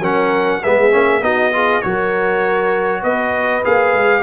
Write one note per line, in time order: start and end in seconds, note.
0.00 0.60 F#3
0.00 0.62 C#4
0.00 0.61 A#4
0.00 0.64 F#5
0.64 0.94 G#3
0.64 0.91 B3
0.64 1.23 G#4
0.64 1.24 E5
0.91 1.22 A#3
0.91 1.21 C#4
1.22 1.82 B3
1.22 1.52 D#4
1.22 1.53 F#4
1.22 1.82 D#5
1.52 1.82 F4
1.52 1.84 G#4
1.82 3.03 F#3
1.82 3.63 F#4
1.82 3.02 A#4
1.82 3.02 C#5
3.02 3.63 B3
3.02 4.22 B4
3.02 3.63 D#5
3.64 3.93 A#3
3.64 4.22 G#4
3.64 4.22 F5
3.93 4.22 G#3